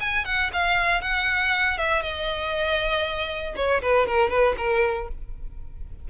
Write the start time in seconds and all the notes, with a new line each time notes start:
0.00 G#5
0.25 F#5
0.53 F5
1.01 F#5
1.78 E5
2.02 D#5
3.56 C#5
3.82 B4
4.07 A#4
4.30 B4
4.57 A#4